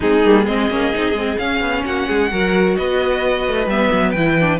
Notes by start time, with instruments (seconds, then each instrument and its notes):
0.00 cello G#3, viola C4, violin D#4 G#4
0.24 cello G3, viola A#3
0.43 cello G#3, viola C4, violin G#4 D#5
0.69 cello A#3, viola C#4
0.93 cello C4, viola D#4
1.13 cello G#3, viola C4
1.38 viola C#4, cello C#4, violin F5
1.61 cello B3
1.84 cello A#3, violin F#4 F#5
2.07 cello G#3, violin G#4
2.30 cello F#3, viola F#4, violin A#4
2.75 cello B3, violin B4 D#5
3.47 cello A3
3.66 cello G3, viola B3, violin E5
3.92 cello F#3
4.11 cello E3, viola E4, violin G5
4.40 viola D4